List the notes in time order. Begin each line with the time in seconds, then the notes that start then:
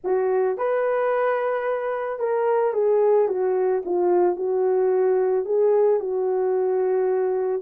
0.03 F#4
0.57 B4
2.19 A#4
2.73 G#4
3.28 F#4
3.85 F4
4.36 F#4
5.45 G#4
6.00 F#4